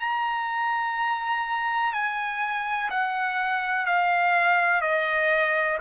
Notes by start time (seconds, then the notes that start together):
0.00 A#5
1.93 G#5
2.90 F#5
3.86 F5
4.82 D#5